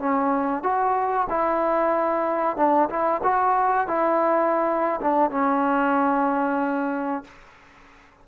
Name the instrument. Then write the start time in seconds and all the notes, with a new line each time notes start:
trombone
0.00 C#4
0.63 F#4
1.30 E4
2.57 D4
2.90 E4
3.24 F#4
3.88 E4
5.01 D4
5.31 C#4